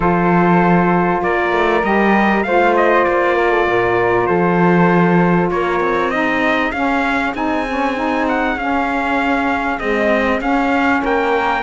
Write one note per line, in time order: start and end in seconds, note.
0.00 1.22 F3
0.00 1.80 F4
0.00 1.21 A4
0.00 1.23 C5
1.23 1.52 A#3
1.23 2.46 A#4
1.23 1.84 D5
1.52 1.83 A3
1.83 2.44 G3
1.83 2.45 G4
1.83 2.43 D#5
2.43 3.06 A3
2.43 6.12 F4
2.43 3.35 C5
2.43 2.74 F5
2.76 3.04 D#5
3.04 3.67 A#3
3.04 4.26 D5
3.35 3.50 A#4
3.50 3.66 A4
3.67 4.28 A#2
3.67 4.28 A#4
4.26 5.50 F3
4.26 5.51 A4
4.26 5.48 C5
5.50 5.80 A#3
5.50 6.12 A#4
5.50 6.10 C#5
5.80 6.72 C4
6.10 6.73 D#4
6.10 11.02 G#4
6.10 6.71 D#5
6.71 7.33 C#4
6.71 7.34 C#4
6.71 7.32 F5
7.34 8.56 C4
7.34 7.65 D#4
7.34 8.27 G#5
7.68 7.95 C#4
7.95 8.56 D#4
8.28 8.58 F#5
8.56 9.78 C#4
8.56 9.79 F5
9.78 10.39 G#3
9.78 10.40 C4
9.78 10.40 D#5
10.39 11.61 C#4
10.39 11.02 C#4
10.39 11.02 F5
11.02 11.63 A#3
11.02 11.63 A#4
11.02 11.63 G5